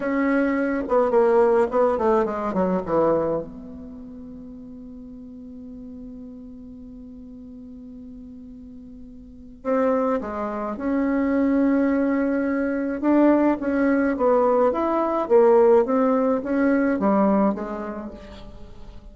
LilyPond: \new Staff \with { instrumentName = "bassoon" } { \time 4/4 \tempo 4 = 106 cis'4. b8 ais4 b8 a8 | gis8 fis8 e4 b2~ | b1~ | b1~ |
b4 c'4 gis4 cis'4~ | cis'2. d'4 | cis'4 b4 e'4 ais4 | c'4 cis'4 g4 gis4 | }